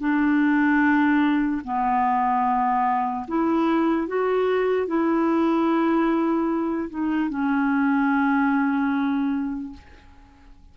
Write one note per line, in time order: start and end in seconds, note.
0.00 1.62 D4
1.64 3.27 B3
3.28 4.08 E4
4.08 4.87 F#4
4.87 6.90 E4
6.90 7.30 D#4
7.30 9.73 C#4